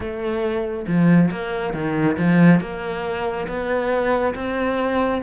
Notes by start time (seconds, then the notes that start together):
0.00 A3
0.87 F3
1.31 A#3
1.73 D#3
2.17 F3
2.60 A#3
3.47 B3
4.34 C4